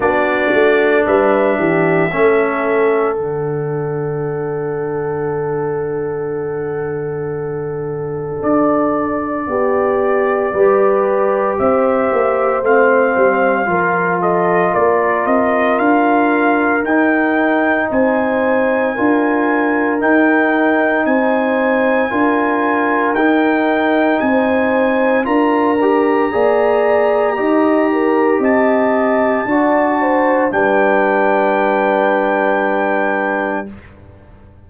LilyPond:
<<
  \new Staff \with { instrumentName = "trumpet" } { \time 4/4 \tempo 4 = 57 d''4 e''2 fis''4~ | fis''1 | d''2. e''4 | f''4. dis''8 d''8 dis''8 f''4 |
g''4 gis''2 g''4 | gis''2 g''4 gis''4 | ais''2. a''4~ | a''4 g''2. | }
  \new Staff \with { instrumentName = "horn" } { \time 4/4 fis'4 b'8 g'8 a'2~ | a'1~ | a'4 g'4 b'4 c''4~ | c''4 ais'8 a'8 ais'2~ |
ais'4 c''4 ais'2 | c''4 ais'2 c''4 | ais'4 d''4 dis''8 ais'8 dis''4 | d''8 c''8 b'2. | }
  \new Staff \with { instrumentName = "trombone" } { \time 4/4 d'2 cis'4 d'4~ | d'1~ | d'2 g'2 | c'4 f'2. |
dis'2 f'4 dis'4~ | dis'4 f'4 dis'2 | f'8 g'8 gis'4 g'2 | fis'4 d'2. | }
  \new Staff \with { instrumentName = "tuba" } { \time 4/4 b8 a8 g8 e8 a4 d4~ | d1 | d'4 b4 g4 c'8 ais8 | a8 g8 f4 ais8 c'8 d'4 |
dis'4 c'4 d'4 dis'4 | c'4 d'4 dis'4 c'4 | d'4 ais4 dis'4 c'4 | d'4 g2. | }
>>